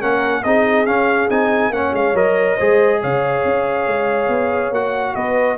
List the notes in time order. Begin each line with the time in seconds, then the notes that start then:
0.00 A#3 C#4 A#4 F#5
0.43 C4 D#4 G#4 D#5
0.86 C#4 F5
1.30 C4 D#4 G#5
1.70 A#3 C#4 C#5 F#5
1.92 G#3 F5
2.13 F#3 A#4 D#5
2.56 G#3 G#4 C5
3.01 C#3 C#5 F5
3.44 C#4
3.87 G#3
4.28 B3
4.70 A#3 F#4 F#5
5.14 B3 B4 D#5